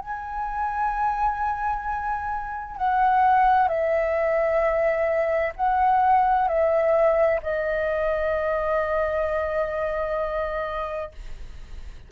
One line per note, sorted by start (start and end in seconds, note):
0.00 2.77 G#5
2.77 3.68 F#5
3.68 5.53 E5
5.56 6.48 F#5
6.48 7.40 E5
7.42 11.11 D#5